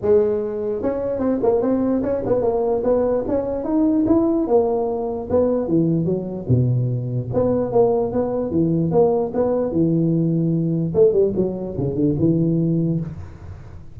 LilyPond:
\new Staff \with { instrumentName = "tuba" } { \time 4/4 \tempo 4 = 148 gis2 cis'4 c'8 ais8 | c'4 cis'8 b8 ais4 b4 | cis'4 dis'4 e'4 ais4~ | ais4 b4 e4 fis4 |
b,2 b4 ais4 | b4 e4 ais4 b4 | e2. a8 g8 | fis4 cis8 d8 e2 | }